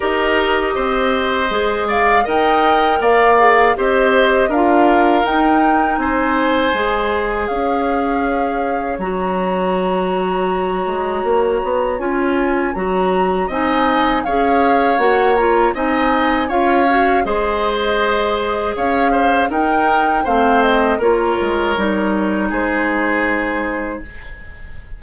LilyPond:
<<
  \new Staff \with { instrumentName = "flute" } { \time 4/4 \tempo 4 = 80 dis''2~ dis''8 f''8 g''4 | f''4 dis''4 f''4 g''4 | gis''2 f''2 | ais''1 |
gis''4 ais''4 gis''4 f''4 | fis''8 ais''8 gis''4 f''4 dis''4~ | dis''4 f''4 g''4 f''8 dis''8 | cis''2 c''2 | }
  \new Staff \with { instrumentName = "oboe" } { \time 4/4 ais'4 c''4. d''8 dis''4 | d''4 c''4 ais'2 | c''2 cis''2~ | cis''1~ |
cis''2 dis''4 cis''4~ | cis''4 dis''4 cis''4 c''4~ | c''4 cis''8 c''8 ais'4 c''4 | ais'2 gis'2 | }
  \new Staff \with { instrumentName = "clarinet" } { \time 4/4 g'2 gis'4 ais'4~ | ais'8 gis'8 g'4 f'4 dis'4~ | dis'4 gis'2. | fis'1 |
f'4 fis'4 dis'4 gis'4 | fis'8 f'8 dis'4 f'8 fis'8 gis'4~ | gis'2 dis'4 c'4 | f'4 dis'2. | }
  \new Staff \with { instrumentName = "bassoon" } { \time 4/4 dis'4 c'4 gis4 dis'4 | ais4 c'4 d'4 dis'4 | c'4 gis4 cis'2 | fis2~ fis8 gis8 ais8 b8 |
cis'4 fis4 c'4 cis'4 | ais4 c'4 cis'4 gis4~ | gis4 cis'4 dis'4 a4 | ais8 gis8 g4 gis2 | }
>>